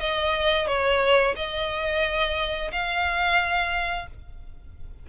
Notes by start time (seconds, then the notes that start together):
0.00 D#5
0.67 C#5
1.36 D#5
2.72 F5